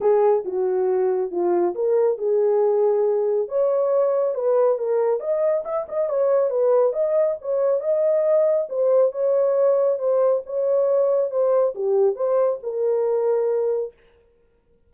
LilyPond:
\new Staff \with { instrumentName = "horn" } { \time 4/4 \tempo 4 = 138 gis'4 fis'2 f'4 | ais'4 gis'2. | cis''2 b'4 ais'4 | dis''4 e''8 dis''8 cis''4 b'4 |
dis''4 cis''4 dis''2 | c''4 cis''2 c''4 | cis''2 c''4 g'4 | c''4 ais'2. | }